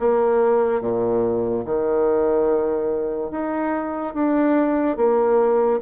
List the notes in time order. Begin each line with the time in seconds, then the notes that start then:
0.00 A#3
0.81 A#2
1.65 D#3
3.31 D#4
4.14 D4
4.97 A#3